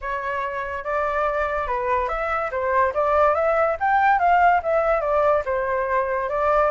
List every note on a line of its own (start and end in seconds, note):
0.01 0.84 C#5
0.84 1.67 D5
1.67 2.08 B4
2.08 2.50 E5
2.51 2.93 C5
2.94 3.34 D5
3.34 3.76 E5
3.80 4.19 G5
4.19 4.61 F5
4.62 5.00 E5
5.00 5.42 D5
5.45 6.29 C5
6.29 6.70 D5